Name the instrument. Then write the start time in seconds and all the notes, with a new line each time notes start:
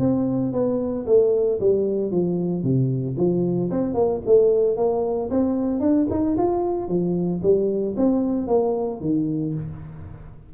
tuba
0.00 C4
0.53 B3
1.07 A3
1.60 G3
2.12 F3
2.63 C3
3.18 F3
3.71 C4
3.95 A#3
4.26 A3
4.77 A#3
5.31 C4
5.81 D4
6.11 D#4
6.38 F4
6.89 F3
7.43 G3
7.97 C4
8.48 A#3
9.01 D#3